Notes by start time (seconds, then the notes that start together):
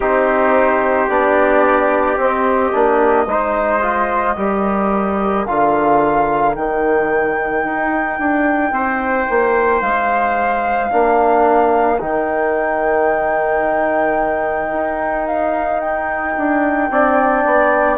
0.00 C4 D#4 G4 C5
1.08 B3 D4 D5
2.17 C4 D#5
2.72 A#3 D4
3.26 G#3 D#4 C5
3.81 F4
4.36 G3 G4 A#4
5.45 D3 F4 F5
6.53 D#3 D#4 G5
7.64 D#4
8.19 D4
8.71 C4 C5
9.29 A#3
9.81 G#3 F5
10.89 A#3 D4 A#4
11.99 D#3 D#4 G5
14.72 D#4
15.27 F5
15.80 G5
16.37 D4
16.90 C4 D4 D5
17.45 B3